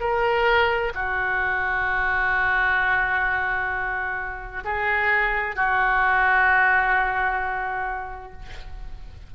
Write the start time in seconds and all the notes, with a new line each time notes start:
0.00 A#4
0.94 F#4
4.64 G#4
5.56 F#4